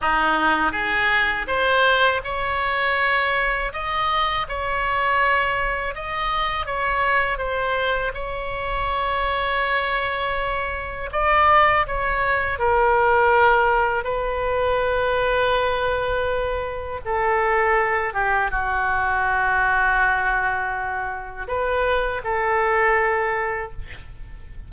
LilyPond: \new Staff \with { instrumentName = "oboe" } { \time 4/4 \tempo 4 = 81 dis'4 gis'4 c''4 cis''4~ | cis''4 dis''4 cis''2 | dis''4 cis''4 c''4 cis''4~ | cis''2. d''4 |
cis''4 ais'2 b'4~ | b'2. a'4~ | a'8 g'8 fis'2.~ | fis'4 b'4 a'2 | }